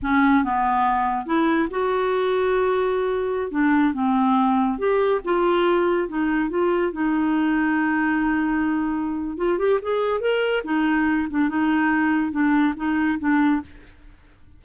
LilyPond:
\new Staff \with { instrumentName = "clarinet" } { \time 4/4 \tempo 4 = 141 cis'4 b2 e'4 | fis'1~ | fis'16 d'4 c'2 g'8.~ | g'16 f'2 dis'4 f'8.~ |
f'16 dis'2.~ dis'8.~ | dis'2 f'8 g'8 gis'4 | ais'4 dis'4. d'8 dis'4~ | dis'4 d'4 dis'4 d'4 | }